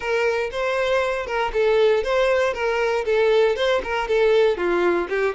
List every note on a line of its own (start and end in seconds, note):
0.00 0.50 A#4
0.51 1.26 C5
1.26 1.51 A#4
1.53 2.03 A4
2.03 2.53 C5
2.53 3.04 A#4
3.05 3.56 A4
3.56 3.81 C5
3.83 4.08 A#4
4.08 4.57 A4
4.57 5.08 F4
5.09 5.34 G4